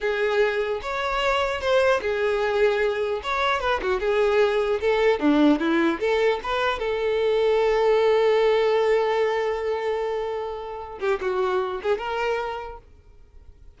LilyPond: \new Staff \with { instrumentName = "violin" } { \time 4/4 \tempo 4 = 150 gis'2 cis''2 | c''4 gis'2. | cis''4 b'8 fis'8 gis'2 | a'4 d'4 e'4 a'4 |
b'4 a'2.~ | a'1~ | a'2.~ a'8 g'8 | fis'4. gis'8 ais'2 | }